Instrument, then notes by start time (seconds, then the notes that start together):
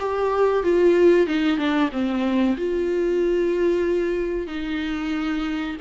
viola
0.00 G4
0.63 F4
1.27 D#4
1.57 D4
1.92 C4
2.57 F4
4.48 D#4